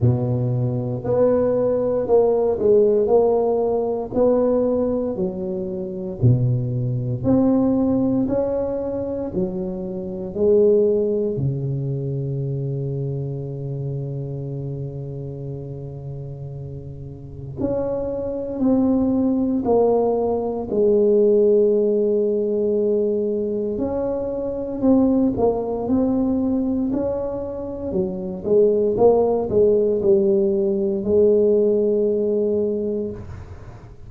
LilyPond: \new Staff \with { instrumentName = "tuba" } { \time 4/4 \tempo 4 = 58 b,4 b4 ais8 gis8 ais4 | b4 fis4 b,4 c'4 | cis'4 fis4 gis4 cis4~ | cis1~ |
cis4 cis'4 c'4 ais4 | gis2. cis'4 | c'8 ais8 c'4 cis'4 fis8 gis8 | ais8 gis8 g4 gis2 | }